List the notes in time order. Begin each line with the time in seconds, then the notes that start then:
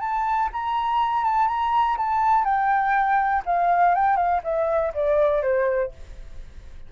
0.00 A5
0.52 A#5
1.24 A5
1.48 A#5
1.97 A5
2.44 G5
3.46 F5
3.95 G5
4.16 F5
4.44 E5
4.94 D5
5.42 C5